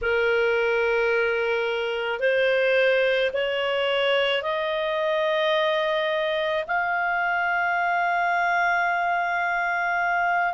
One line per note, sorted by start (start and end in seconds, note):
0.02 2.19 A#4
2.19 3.30 C5
3.33 4.42 C#5
4.42 6.64 D#5
6.67 10.54 F5